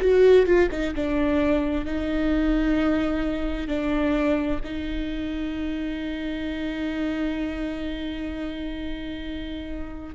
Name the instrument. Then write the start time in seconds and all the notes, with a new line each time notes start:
viola
0.00 F#4
0.46 F4
0.71 D#4
0.94 D4
1.85 D#4
3.68 D4
4.64 D#4